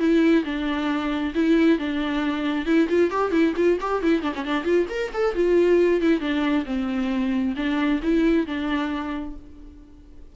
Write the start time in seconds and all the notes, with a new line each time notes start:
0.00 E4
0.45 D4
1.35 E4
1.79 D4
2.66 E4
2.89 F4
3.11 G4
3.32 E4
3.57 F4
3.81 G4
4.03 E4
4.23 D4
4.35 C#4
4.46 D4
4.65 F4
4.90 A#4
5.14 A4
5.36 F4
6.02 E4
6.21 D4
6.66 C4
7.57 D4
8.03 E4
8.47 D4